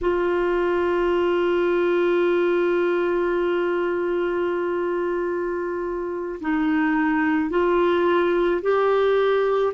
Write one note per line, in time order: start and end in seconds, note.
0.01 6.39 F4
6.40 7.49 D#4
7.49 8.61 F4
8.62 9.73 G4